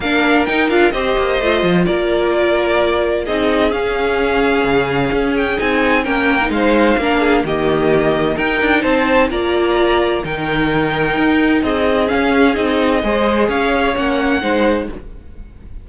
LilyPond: <<
  \new Staff \with { instrumentName = "violin" } { \time 4/4 \tempo 4 = 129 f''4 g''8 f''8 dis''2 | d''2. dis''4 | f''2.~ f''8 g''8 | gis''4 g''4 f''2 |
dis''2 g''4 a''4 | ais''2 g''2~ | g''4 dis''4 f''4 dis''4~ | dis''4 f''4 fis''2 | }
  \new Staff \with { instrumentName = "violin" } { \time 4/4 ais'2 c''2 | ais'2. gis'4~ | gis'1~ | gis'4 ais'4 c''4 ais'8 gis'8 |
g'2 ais'4 c''4 | d''2 ais'2~ | ais'4 gis'2. | c''4 cis''2 c''4 | }
  \new Staff \with { instrumentName = "viola" } { \time 4/4 d'4 dis'8 f'8 g'4 f'4~ | f'2. dis'4 | cis'1 | dis'4 cis'8. dis'4~ dis'16 d'4 |
ais2 dis'2 | f'2 dis'2~ | dis'2 cis'4 dis'4 | gis'2 cis'4 dis'4 | }
  \new Staff \with { instrumentName = "cello" } { \time 4/4 ais4 dis'8 d'8 c'8 ais8 a8 f8 | ais2. c'4 | cis'2 cis4 cis'4 | c'4 ais4 gis4 ais4 |
dis2 dis'8 d'8 c'4 | ais2 dis2 | dis'4 c'4 cis'4 c'4 | gis4 cis'4 ais4 gis4 | }
>>